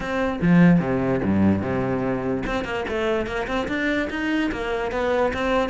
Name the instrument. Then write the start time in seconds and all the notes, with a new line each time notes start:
cello
0.00 C4
0.41 F3
0.79 C3
1.23 G2
1.61 C3
2.46 C4
2.64 A#3
2.88 A3
3.26 A#3
3.47 C4
3.68 D4
4.10 D#4
4.51 A#3
4.91 B3
5.33 C4